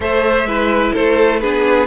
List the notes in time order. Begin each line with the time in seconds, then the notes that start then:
0.00 A3 A4 C5 E5
0.44 G#3 E4 B4
0.92 A3 A4 C5
1.39 B3 D4 G#4 B4